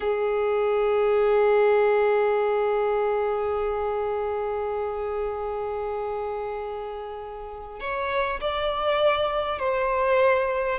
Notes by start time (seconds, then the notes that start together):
0.00 G#4
7.79 C#5
8.40 D5
9.58 C5